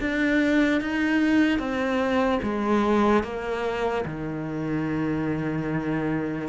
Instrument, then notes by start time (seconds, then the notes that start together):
cello
0.00 D4
0.81 D#4
1.58 C4
2.43 G#3
3.23 A#3
4.05 D#3